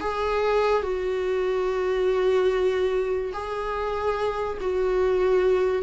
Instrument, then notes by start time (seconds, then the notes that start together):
viola
0.00 G#4
0.82 F#4
3.33 G#4
4.61 F#4